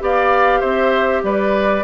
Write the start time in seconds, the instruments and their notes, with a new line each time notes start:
0.00 bassoon B3, clarinet G4, oboe D5, flute F5
0.60 bassoon C4, oboe C5, flute E5
1.23 bassoon G3, oboe B4, flute D5